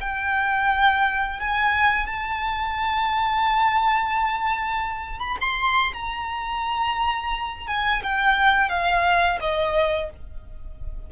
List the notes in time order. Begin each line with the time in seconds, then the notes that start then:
0.00 G5
1.40 G#5
2.06 A5
5.19 B5
5.40 C6
5.93 A#5
7.67 G#5
8.03 G5
8.69 F5
9.40 D#5